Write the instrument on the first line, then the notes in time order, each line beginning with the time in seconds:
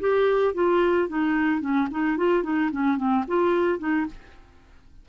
clarinet
0.00 G4
0.54 F4
1.08 D#4
1.60 C#4
1.90 D#4
2.17 F4
2.43 D#4
2.71 C#4
2.97 C4
3.27 F4
3.78 D#4